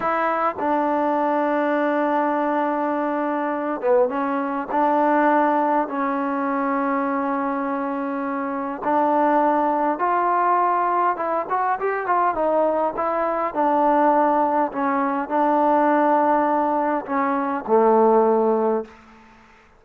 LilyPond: \new Staff \with { instrumentName = "trombone" } { \time 4/4 \tempo 4 = 102 e'4 d'2.~ | d'2~ d'8 b8 cis'4 | d'2 cis'2~ | cis'2. d'4~ |
d'4 f'2 e'8 fis'8 | g'8 f'8 dis'4 e'4 d'4~ | d'4 cis'4 d'2~ | d'4 cis'4 a2 | }